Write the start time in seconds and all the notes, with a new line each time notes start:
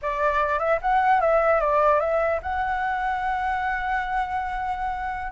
0.02 D5
0.59 E5
0.81 F#5
1.20 E5
1.60 D5
2.00 E5
2.42 F#5